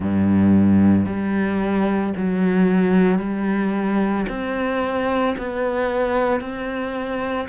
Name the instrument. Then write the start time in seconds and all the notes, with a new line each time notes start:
cello
0.00 G2
1.06 G3
2.16 F#3
3.19 G3
4.29 C4
5.37 B3
6.40 C4